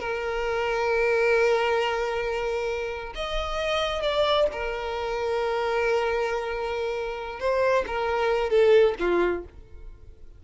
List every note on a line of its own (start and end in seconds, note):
0.00 3.13 A#4
3.15 4.02 D#5
4.02 4.47 D5
4.52 7.40 A#4
7.40 7.85 C5
7.87 8.50 A#4
8.50 8.95 A4
9.00 9.44 F4